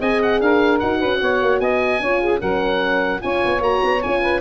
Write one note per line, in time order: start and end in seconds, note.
0.00 0.41 C4
0.00 0.81 G#4
0.00 0.41 D#5
0.00 0.22 G#5
0.22 0.41 F#5
0.41 0.81 D4
0.41 0.99 A#4
0.41 0.80 F5
0.80 1.02 D#4
0.80 2.02 F#4
0.80 1.60 F#5
0.99 1.22 C#4
0.99 1.19 B4
1.22 1.42 B3
1.22 1.62 C#5
1.42 1.60 A#3
1.60 2.00 B3
1.60 2.02 D#5
1.60 2.41 G#5
2.00 2.40 C#4
2.00 2.41 F4
2.00 2.22 C#5
2.22 2.41 G#4
2.41 3.23 F#3
2.41 3.21 C#4
2.41 3.21 A#4
2.41 3.22 F#5
3.21 3.45 C#4
3.21 3.61 F4
3.21 4.21 C#5
3.21 3.62 G#5
3.45 3.60 B3
3.60 3.81 A#3
3.60 4.02 F#4
3.60 4.03 A#5
3.84 4.04 B3
4.03 4.41 C#4
4.03 4.41 F4
4.03 4.41 G#5
4.21 4.41 B4